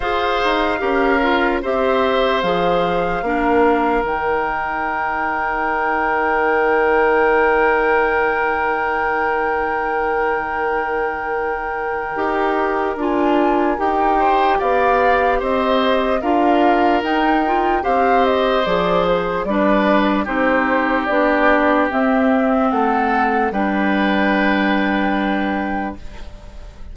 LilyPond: <<
  \new Staff \with { instrumentName = "flute" } { \time 4/4 \tempo 4 = 74 f''2 e''4 f''4~ | f''4 g''2.~ | g''1~ | g''1 |
gis''4 g''4 f''4 dis''4 | f''4 g''4 f''8 dis''8 d''8 c''8 | d''4 c''4 d''4 e''4 | fis''4 g''2. | }
  \new Staff \with { instrumentName = "oboe" } { \time 4/4 c''4 ais'4 c''2 | ais'1~ | ais'1~ | ais'1~ |
ais'4. c''8 d''4 c''4 | ais'2 c''2 | b'4 g'2. | a'4 b'2. | }
  \new Staff \with { instrumentName = "clarinet" } { \time 4/4 gis'4 g'8 f'8 g'4 gis'4 | d'4 dis'2.~ | dis'1~ | dis'2. g'4 |
f'4 g'2. | f'4 dis'8 f'8 g'4 gis'4 | d'4 dis'4 d'4 c'4~ | c'4 d'2. | }
  \new Staff \with { instrumentName = "bassoon" } { \time 4/4 f'8 dis'8 cis'4 c'4 f4 | ais4 dis2.~ | dis1~ | dis2. dis'4 |
d'4 dis'4 b4 c'4 | d'4 dis'4 c'4 f4 | g4 c'4 b4 c'4 | a4 g2. | }
>>